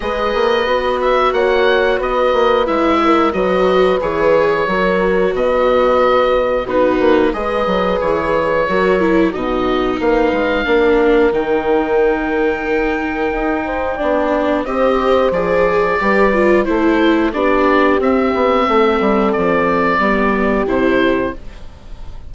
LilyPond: <<
  \new Staff \with { instrumentName = "oboe" } { \time 4/4 \tempo 4 = 90 dis''4. e''8 fis''4 dis''4 | e''4 dis''4 cis''2 | dis''2 b'4 dis''4 | cis''2 dis''4 f''4~ |
f''4 g''2.~ | g''2 dis''4 d''4~ | d''4 c''4 d''4 e''4~ | e''4 d''2 c''4 | }
  \new Staff \with { instrumentName = "horn" } { \time 4/4 b'2 cis''4 b'4~ | b'8 ais'8 b'2 ais'4 | b'2 fis'4 b'4~ | b'4 ais'4 fis'4 b'4 |
ais'1~ | ais'8 c''8 d''4 c''2 | b'4 a'4 g'2 | a'2 g'2 | }
  \new Staff \with { instrumentName = "viola" } { \time 4/4 gis'4 fis'2. | e'4 fis'4 gis'4 fis'4~ | fis'2 dis'4 gis'4~ | gis'4 fis'8 e'8 dis'2 |
d'4 dis'2.~ | dis'4 d'4 g'4 gis'4 | g'8 f'8 e'4 d'4 c'4~ | c'2 b4 e'4 | }
  \new Staff \with { instrumentName = "bassoon" } { \time 4/4 gis8 ais8 b4 ais4 b8 ais8 | gis4 fis4 e4 fis4 | b,2 b8 ais8 gis8 fis8 | e4 fis4 b,4 ais8 gis8 |
ais4 dis2. | dis'4 b4 c'4 f4 | g4 a4 b4 c'8 b8 | a8 g8 f4 g4 c4 | }
>>